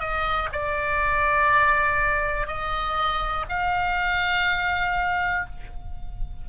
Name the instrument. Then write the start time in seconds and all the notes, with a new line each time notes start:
oboe
0.00 D#5
0.53 D5
2.48 D#5
3.50 F5